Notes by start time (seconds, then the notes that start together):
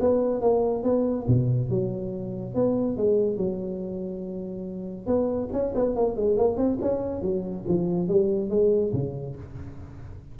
0.00 B3
0.41 A#3
0.84 B3
1.27 B2
1.70 F#3
2.55 B3
2.97 G#3
3.37 F#3
5.07 B3
5.53 C#4
5.75 B3
5.96 A#3
6.16 G#3
6.37 A#3
6.57 C4
6.81 C#4
7.22 F#3
7.68 F3
8.08 G3
8.50 G#3
8.93 C#3